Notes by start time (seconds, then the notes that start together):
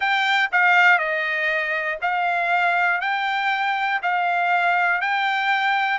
0.00 G5
0.52 F5
0.98 D#5
2.01 F5
3.00 G5
4.02 F5
5.00 G5